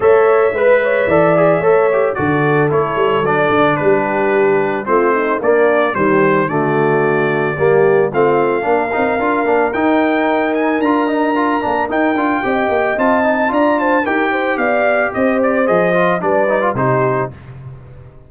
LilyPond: <<
  \new Staff \with { instrumentName = "trumpet" } { \time 4/4 \tempo 4 = 111 e''1 | d''4 cis''4 d''4 b'4~ | b'4 c''4 d''4 c''4 | d''2. f''4~ |
f''2 g''4. gis''8 | ais''2 g''2 | a''4 ais''8 a''8 g''4 f''4 | dis''8 d''8 dis''4 d''4 c''4 | }
  \new Staff \with { instrumentName = "horn" } { \time 4/4 cis''4 b'8 cis''8 d''4 cis''4 | a'2. g'4~ | g'4 f'8 dis'8 d'4 g'4 | fis'2 g'4 f'4 |
ais'1~ | ais'2. dis''4~ | dis''4 d''8 c''8 ais'8 c''8 d''4 | c''2 b'4 g'4 | }
  \new Staff \with { instrumentName = "trombone" } { \time 4/4 a'4 b'4 a'8 gis'8 a'8 g'8 | fis'4 e'4 d'2~ | d'4 c'4 ais4 g4 | a2 ais4 c'4 |
d'8 dis'8 f'8 d'8 dis'2 | f'8 dis'8 f'8 d'8 dis'8 f'8 g'4 | f'8 dis'8 f'4 g'2~ | g'4 gis'8 f'8 d'8 dis'16 f'16 dis'4 | }
  \new Staff \with { instrumentName = "tuba" } { \time 4/4 a4 gis4 e4 a4 | d4 a8 g8 fis8 d8 g4~ | g4 a4 ais4 dis4 | d2 g4 a4 |
ais8 c'8 d'8 ais8 dis'2 | d'4. ais8 dis'8 d'8 c'8 ais8 | c'4 d'4 dis'4 b4 | c'4 f4 g4 c4 | }
>>